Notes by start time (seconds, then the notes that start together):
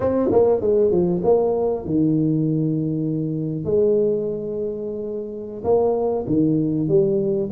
0.00 C4
0.31 A#3
0.60 G#3
0.91 F3
1.24 A#3
1.85 D#3
3.64 G#3
5.64 A#3
6.27 D#3
6.88 G3